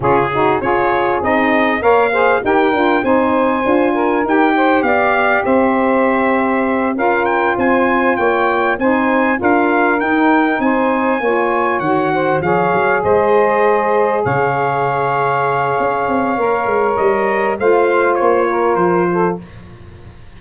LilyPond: <<
  \new Staff \with { instrumentName = "trumpet" } { \time 4/4 \tempo 4 = 99 gis'4 cis''4 dis''4 f''4 | g''4 gis''2 g''4 | f''4 e''2~ e''8 f''8 | g''8 gis''4 g''4 gis''4 f''8~ |
f''8 g''4 gis''2 fis''8~ | fis''8 f''4 dis''2 f''8~ | f''1 | dis''4 f''4 cis''4 c''4 | }
  \new Staff \with { instrumentName = "saxophone" } { \time 4/4 f'8 fis'8 gis'2 cis''8 c''8 | ais'4 c''4. ais'4 c''8 | d''4 c''2~ c''8 ais'8~ | ais'8 c''4 cis''4 c''4 ais'8~ |
ais'4. c''4 cis''4. | c''8 cis''4 c''2 cis''8~ | cis''1~ | cis''4 c''4. ais'4 a'8 | }
  \new Staff \with { instrumentName = "saxophone" } { \time 4/4 cis'8 dis'8 f'4 dis'4 ais'8 gis'8 | g'8 f'8 dis'4 f'4 g'4~ | g'2.~ g'8 f'8~ | f'2~ f'8 dis'4 f'8~ |
f'8 dis'2 f'4 fis'8~ | fis'8 gis'2.~ gis'8~ | gis'2. ais'4~ | ais'4 f'2. | }
  \new Staff \with { instrumentName = "tuba" } { \time 4/4 cis4 cis'4 c'4 ais4 | dis'8 d'8 c'4 d'4 dis'4 | b4 c'2~ c'8 cis'8~ | cis'8 c'4 ais4 c'4 d'8~ |
d'8 dis'4 c'4 ais4 dis8~ | dis8 f8 fis8 gis2 cis8~ | cis2 cis'8 c'8 ais8 gis8 | g4 a4 ais4 f4 | }
>>